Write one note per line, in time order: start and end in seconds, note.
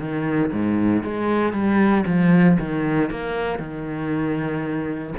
0.00 0.52 D#3
0.53 1.04 G#2
1.04 1.53 G#3
1.53 2.05 G3
2.07 2.59 F3
2.60 3.11 D#3
3.11 3.59 A#3
3.59 5.14 D#3